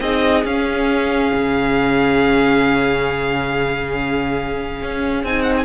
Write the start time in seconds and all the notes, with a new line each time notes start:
0.00 C4 D#4 G#4 D#5
0.45 C#4 F5
1.34 C#3
4.82 C#4
5.23 C4 D#4 G#5
5.42 F#5
5.57 G#5